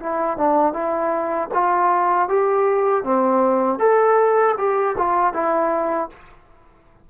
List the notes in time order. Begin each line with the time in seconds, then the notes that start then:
0.00 E4
0.37 D4
0.73 E4
1.54 F4
2.29 G4
3.04 C4
3.79 A4
4.58 G4
4.98 F4
5.34 E4